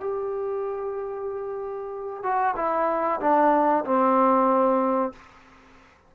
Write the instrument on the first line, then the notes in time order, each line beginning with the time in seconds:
trombone
0.00 G4
2.23 F#4
2.56 E4
3.20 D4
3.85 C4